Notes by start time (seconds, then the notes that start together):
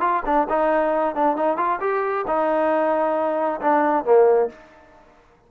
0.00 F4
0.25 D4
0.49 D#4
1.15 D4
1.36 D#4
1.57 F4
1.80 G4
2.27 D#4
3.60 D4
4.05 A#3